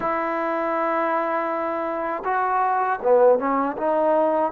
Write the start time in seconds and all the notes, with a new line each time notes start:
0.00 E4
2.24 F#4
3.02 B3
3.39 C#4
3.77 D#4